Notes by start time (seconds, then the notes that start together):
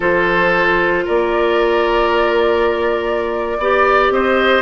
0.00 F3 F4 A4 C5
1.05 A#3 A#4 D5
3.58 B3 G4 D5
4.10 C4 C5 D#5